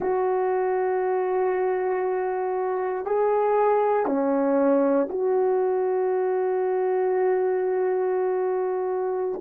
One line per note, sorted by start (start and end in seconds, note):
0.00 3.05 F#4
3.05 4.06 G#4
4.06 5.08 C#4
5.09 9.41 F#4